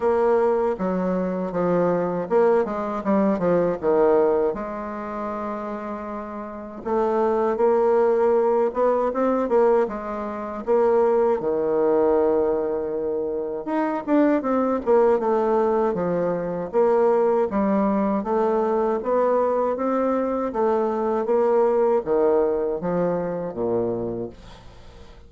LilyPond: \new Staff \with { instrumentName = "bassoon" } { \time 4/4 \tempo 4 = 79 ais4 fis4 f4 ais8 gis8 | g8 f8 dis4 gis2~ | gis4 a4 ais4. b8 | c'8 ais8 gis4 ais4 dis4~ |
dis2 dis'8 d'8 c'8 ais8 | a4 f4 ais4 g4 | a4 b4 c'4 a4 | ais4 dis4 f4 ais,4 | }